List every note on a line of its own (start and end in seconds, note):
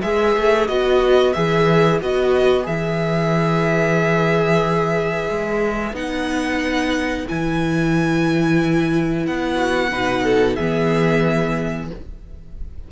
0.00 0.35 G#3
0.00 0.67 G#4
0.00 9.55 B4
0.00 0.67 E5
0.35 0.68 A3
0.67 1.34 B3
0.67 1.33 F#4
0.67 1.33 D#5
1.33 2.01 E3
1.33 2.00 G#4
1.33 1.98 E5
2.01 2.66 B3
2.01 2.63 F#4
2.01 2.66 D#5
2.63 5.29 E3
2.63 5.92 G#4
2.63 5.95 E5
5.29 5.92 G#3
5.92 7.24 B3
5.92 7.26 D#4
5.92 7.27 F#5
7.27 9.27 E3
7.27 9.91 E4
7.27 9.26 G#5
9.26 9.91 B3
9.26 10.55 F#5
9.55 9.87 F#4
9.91 10.57 B2
9.91 10.57 D#4
9.91 10.23 B4
10.23 10.56 A4
10.55 11.90 E3
10.55 11.91 B3
10.55 11.88 G#4
10.55 11.87 E5